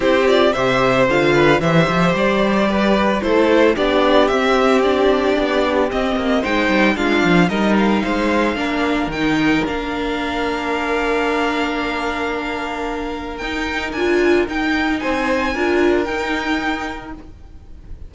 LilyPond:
<<
  \new Staff \with { instrumentName = "violin" } { \time 4/4 \tempo 4 = 112 c''8 d''8 e''4 f''4 e''4 | d''2 c''4 d''4 | e''4 d''2 dis''4 | g''4 f''4 dis''8 f''4.~ |
f''4 g''4 f''2~ | f''1~ | f''4 g''4 gis''4 g''4 | gis''2 g''2 | }
  \new Staff \with { instrumentName = "violin" } { \time 4/4 g'4 c''4. b'8 c''4~ | c''4 b'4 a'4 g'4~ | g'1 | c''4 f'4 ais'4 c''4 |
ais'1~ | ais'1~ | ais'1 | c''4 ais'2. | }
  \new Staff \with { instrumentName = "viola" } { \time 4/4 e'8 f'8 g'4 f'4 g'4~ | g'2 e'4 d'4 | c'4 d'2 c'4 | dis'4 d'4 dis'2 |
d'4 dis'4 d'2~ | d'1~ | d'4 dis'4 f'4 dis'4~ | dis'4 f'4 dis'2 | }
  \new Staff \with { instrumentName = "cello" } { \time 4/4 c'4 c4 d4 e8 f8 | g2 a4 b4 | c'2 b4 c'8 ais8 | gis8 g8 gis8 f8 g4 gis4 |
ais4 dis4 ais2~ | ais1~ | ais4 dis'4 d'4 dis'4 | c'4 d'4 dis'2 | }
>>